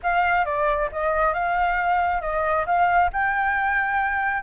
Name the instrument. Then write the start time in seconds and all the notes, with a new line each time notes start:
flute
0.02 F5
0.45 D5
0.92 D#5
1.33 F5
2.21 D#5
2.66 F5
3.13 G5